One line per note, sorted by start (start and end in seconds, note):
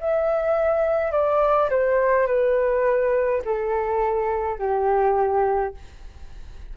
0.00 1.11 E5
1.11 1.69 D5
1.69 2.26 C5
2.26 3.41 B4
3.44 4.58 A4
4.58 5.74 G4